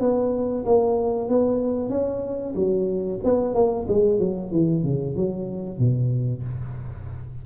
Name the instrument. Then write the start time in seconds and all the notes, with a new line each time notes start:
tuba
0.00 B3
0.65 A#3
1.29 B3
1.89 C#4
2.55 F#3
3.24 B3
3.54 A#3
3.88 G#3
4.19 F#3
4.52 E3
4.84 C#3
5.16 F#3
5.79 B2